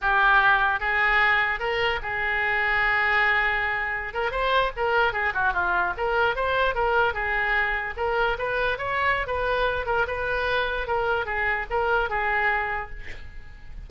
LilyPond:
\new Staff \with { instrumentName = "oboe" } { \time 4/4 \tempo 4 = 149 g'2 gis'2 | ais'4 gis'2.~ | gis'2~ gis'16 ais'8 c''4 ais'16~ | ais'8. gis'8 fis'8 f'4 ais'4 c''16~ |
c''8. ais'4 gis'2 ais'16~ | ais'8. b'4 cis''4~ cis''16 b'4~ | b'8 ais'8 b'2 ais'4 | gis'4 ais'4 gis'2 | }